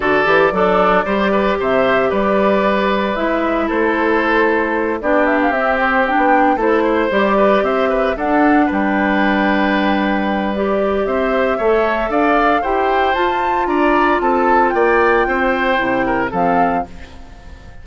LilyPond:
<<
  \new Staff \with { instrumentName = "flute" } { \time 4/4 \tempo 4 = 114 d''2. e''4 | d''2 e''4 c''4~ | c''4. d''8 e''16 f''16 e''8 c''8 g''8~ | g''8 c''4 d''4 e''4 fis''8~ |
fis''8 g''2.~ g''8 | d''4 e''2 f''4 | g''4 a''4 ais''4 a''4 | g''2. f''4 | }
  \new Staff \with { instrumentName = "oboe" } { \time 4/4 a'4 d'4 c''8 b'8 c''4 | b'2. a'4~ | a'4. g'2~ g'8~ | g'8 a'8 c''4 b'8 c''8 b'8 a'8~ |
a'8 b'2.~ b'8~ | b'4 c''4 cis''4 d''4 | c''2 d''4 a'4 | d''4 c''4. ais'8 a'4 | }
  \new Staff \with { instrumentName = "clarinet" } { \time 4/4 fis'8 g'8 a'4 g'2~ | g'2 e'2~ | e'4. d'4 c'4 d'8~ | d'8 e'4 g'2 d'8~ |
d'1 | g'2 a'2 | g'4 f'2.~ | f'2 e'4 c'4 | }
  \new Staff \with { instrumentName = "bassoon" } { \time 4/4 d8 e8 fis4 g4 c4 | g2 gis4 a4~ | a4. b4 c'4~ c'16 b16~ | b8 a4 g4 c'4 d'8~ |
d'8 g2.~ g8~ | g4 c'4 a4 d'4 | e'4 f'4 d'4 c'4 | ais4 c'4 c4 f4 | }
>>